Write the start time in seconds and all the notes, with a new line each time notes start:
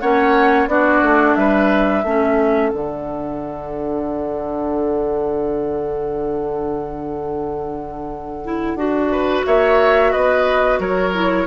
0.00 A#3 C#4 C#5 F#5
0.67 B3 D4 F#4 D5
1.02 A3
1.35 G3 B4 E5
2.04 A3 C#4 A4
2.69 D3 D4 F#5
8.44 E4
8.75 D4 F#4
9.12 B4
9.46 A#3 C#5 E5
10.12 B3 B4 D#5
10.79 F#3 A#4 C#5
11.14 E4